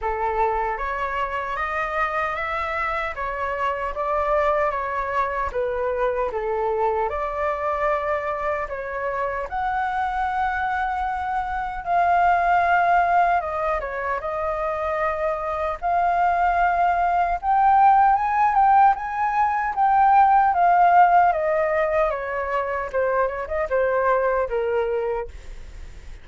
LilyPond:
\new Staff \with { instrumentName = "flute" } { \time 4/4 \tempo 4 = 76 a'4 cis''4 dis''4 e''4 | cis''4 d''4 cis''4 b'4 | a'4 d''2 cis''4 | fis''2. f''4~ |
f''4 dis''8 cis''8 dis''2 | f''2 g''4 gis''8 g''8 | gis''4 g''4 f''4 dis''4 | cis''4 c''8 cis''16 dis''16 c''4 ais'4 | }